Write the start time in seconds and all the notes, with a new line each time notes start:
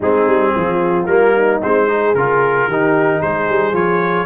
0.00 G#3 C4 D#4 G#4
0.27 G3
0.55 F3 F4
1.05 G3 A#3 A#4
1.35 D#4
1.62 G#3 C4 C5
1.87 D#4 G#4
2.14 C#3 F4 A#4
2.67 D#3 D#4 G4
3.19 G#3 G#4 C5
3.49 G3
3.72 F3 F4 C#5